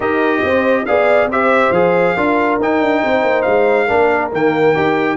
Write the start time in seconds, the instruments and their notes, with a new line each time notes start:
0.00 tuba D#4, trombone G4, horn A#4, trumpet D#5
0.43 tuba C4, horn C5
0.85 tuba B3, trombone G#4, horn D5, trumpet F5
1.25 tuba C4, trombone G4, horn C5
1.31 trumpet E5
1.70 tuba F3, trombone G#4, trumpet F5
2.15 tuba D4, trombone F4, horn A#4
2.59 tuba D#4, trombone D#4, trumpet G5
2.81 tuba D4
3.02 tuba C4, horn C5
3.22 tuba A#3
3.42 tuba G#3, trumpet F5
3.87 tuba A#3, trombone D4, horn A#4
4.32 tuba D#3, trombone A#3, trumpet G5
4.74 tuba D#4, trombone G4